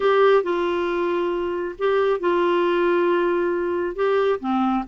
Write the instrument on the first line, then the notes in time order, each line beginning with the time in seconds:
clarinet
0.00 G4
0.43 F4
1.78 G4
2.20 F4
3.95 G4
4.40 C4